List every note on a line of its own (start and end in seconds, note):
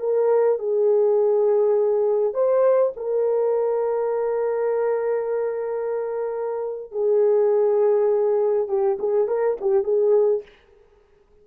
0.00 0.59 A#4
0.59 2.34 G#4
2.34 2.93 C5
2.97 6.92 A#4
6.92 8.68 G#4
8.68 8.98 G4
8.99 9.28 G#4
9.28 9.57 A#4
9.61 9.84 G4
9.84 10.43 G#4